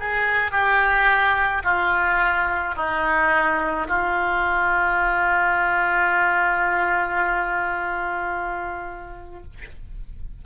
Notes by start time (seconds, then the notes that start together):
0.00 G#4
0.52 G4
1.64 F4
2.77 D#4
3.88 F4